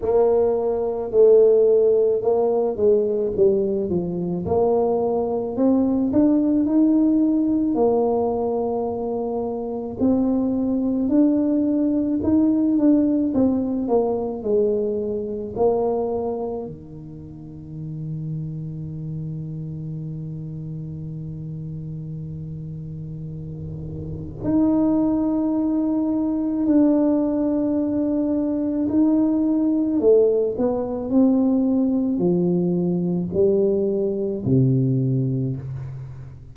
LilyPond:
\new Staff \with { instrumentName = "tuba" } { \time 4/4 \tempo 4 = 54 ais4 a4 ais8 gis8 g8 f8 | ais4 c'8 d'8 dis'4 ais4~ | ais4 c'4 d'4 dis'8 d'8 | c'8 ais8 gis4 ais4 dis4~ |
dis1~ | dis2 dis'2 | d'2 dis'4 a8 b8 | c'4 f4 g4 c4 | }